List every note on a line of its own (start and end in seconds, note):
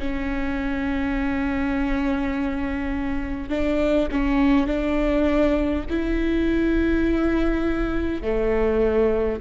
0.00 3.50 C#4
3.50 4.09 D4
4.12 4.67 C#4
4.67 5.85 D4
5.90 8.22 E4
8.22 9.40 A3